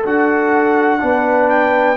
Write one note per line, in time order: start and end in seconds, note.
0.00 1.01 D4
0.00 0.99 F#4
0.00 0.97 A4
0.00 1.49 F#5
0.99 1.97 B3
0.99 1.96 D4
0.99 1.97 B4
1.49 1.97 G5